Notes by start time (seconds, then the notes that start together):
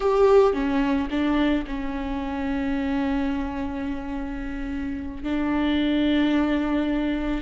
0.00 G4
0.53 C#4
1.10 D4
1.66 C#4
5.23 D4